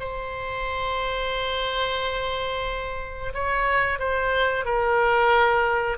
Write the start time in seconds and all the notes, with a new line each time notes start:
0.00 C5
3.34 C#5
3.99 C5
4.65 A#4